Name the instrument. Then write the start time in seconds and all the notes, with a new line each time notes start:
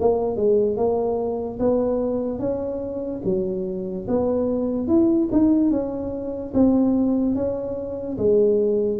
tuba
0.00 A#3
0.36 G#3
0.76 A#3
1.59 B3
2.39 C#4
3.25 F#3
4.08 B3
4.88 E4
5.32 D#4
5.71 C#4
6.54 C4
7.35 C#4
8.18 G#3